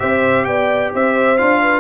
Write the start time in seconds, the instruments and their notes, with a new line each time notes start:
0.00 tuba C4, trombone G4, horn C5, trumpet E5
0.45 tuba B3, horn D5, trumpet G5
0.94 tuba C4, horn C5, trumpet E5
1.38 tuba D4, trombone F4, trumpet F5
1.62 horn B4